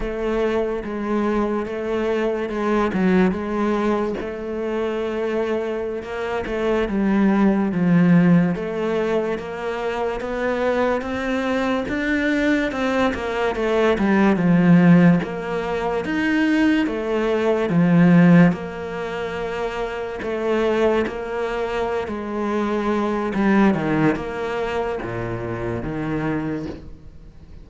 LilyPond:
\new Staff \with { instrumentName = "cello" } { \time 4/4 \tempo 4 = 72 a4 gis4 a4 gis8 fis8 | gis4 a2~ a16 ais8 a16~ | a16 g4 f4 a4 ais8.~ | ais16 b4 c'4 d'4 c'8 ais16~ |
ais16 a8 g8 f4 ais4 dis'8.~ | dis'16 a4 f4 ais4.~ ais16~ | ais16 a4 ais4~ ais16 gis4. | g8 dis8 ais4 ais,4 dis4 | }